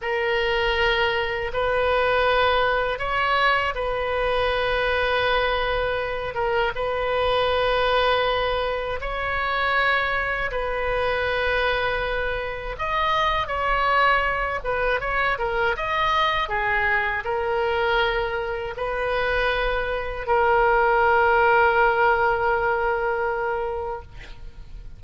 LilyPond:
\new Staff \with { instrumentName = "oboe" } { \time 4/4 \tempo 4 = 80 ais'2 b'2 | cis''4 b'2.~ | b'8 ais'8 b'2. | cis''2 b'2~ |
b'4 dis''4 cis''4. b'8 | cis''8 ais'8 dis''4 gis'4 ais'4~ | ais'4 b'2 ais'4~ | ais'1 | }